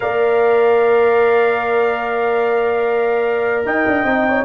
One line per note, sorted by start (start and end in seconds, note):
0.00 3.65 A#3
0.00 4.03 A#4
0.00 3.66 D5
0.00 3.63 F5
3.65 3.85 D#4
3.65 4.27 D#5
3.65 4.44 G5
3.87 4.03 D4
4.03 4.44 C4
4.03 4.44 D#4
4.28 4.44 C#5